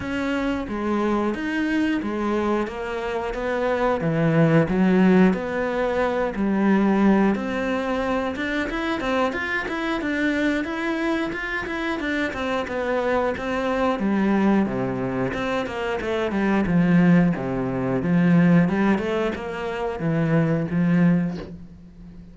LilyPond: \new Staff \with { instrumentName = "cello" } { \time 4/4 \tempo 4 = 90 cis'4 gis4 dis'4 gis4 | ais4 b4 e4 fis4 | b4. g4. c'4~ | c'8 d'8 e'8 c'8 f'8 e'8 d'4 |
e'4 f'8 e'8 d'8 c'8 b4 | c'4 g4 c4 c'8 ais8 | a8 g8 f4 c4 f4 | g8 a8 ais4 e4 f4 | }